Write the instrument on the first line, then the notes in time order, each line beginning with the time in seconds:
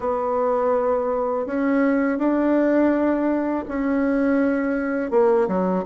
bassoon
0.00 B3
1.46 C#4
2.18 D4
3.68 C#4
5.11 A#3
5.47 F#3